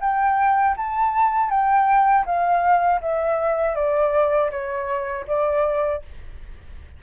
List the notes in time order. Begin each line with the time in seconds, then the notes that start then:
0.00 G5
0.76 A5
1.50 G5
2.25 F5
3.01 E5
3.75 D5
4.50 C#5
5.27 D5